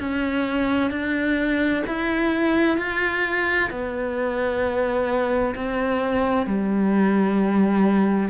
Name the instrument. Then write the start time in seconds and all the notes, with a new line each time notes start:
cello
0.00 C#4
0.91 D4
1.87 E4
2.78 F4
3.70 B3
5.56 C4
6.47 G3